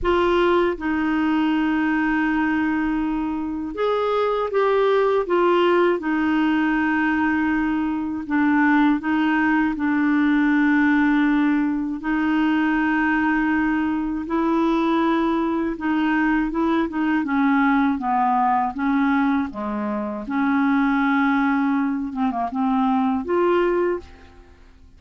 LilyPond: \new Staff \with { instrumentName = "clarinet" } { \time 4/4 \tempo 4 = 80 f'4 dis'2.~ | dis'4 gis'4 g'4 f'4 | dis'2. d'4 | dis'4 d'2. |
dis'2. e'4~ | e'4 dis'4 e'8 dis'8 cis'4 | b4 cis'4 gis4 cis'4~ | cis'4. c'16 ais16 c'4 f'4 | }